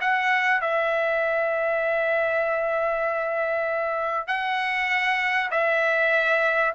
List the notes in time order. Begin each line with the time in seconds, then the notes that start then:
0.00 F#5
0.60 E5
4.27 F#5
5.51 E5